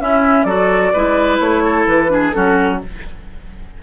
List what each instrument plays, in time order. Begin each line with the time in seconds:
0.00 bassoon C#4, clarinet C#4, oboe E4, flute E5
0.44 bassoon F#3, clarinet F#4, oboe A4, flute D5
0.93 bassoon G#3, clarinet E4, oboe B4
1.40 bassoon A3, flute C#5
1.64 oboe A4
1.87 bassoon E3, flute B4
2.09 clarinet D4, oboe G#4
2.32 bassoon F#3, clarinet C#4, oboe F#4, flute A4